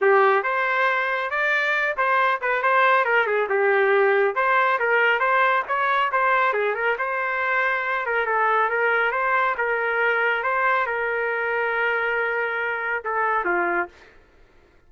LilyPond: \new Staff \with { instrumentName = "trumpet" } { \time 4/4 \tempo 4 = 138 g'4 c''2 d''4~ | d''8 c''4 b'8 c''4 ais'8 gis'8 | g'2 c''4 ais'4 | c''4 cis''4 c''4 gis'8 ais'8 |
c''2~ c''8 ais'8 a'4 | ais'4 c''4 ais'2 | c''4 ais'2.~ | ais'2 a'4 f'4 | }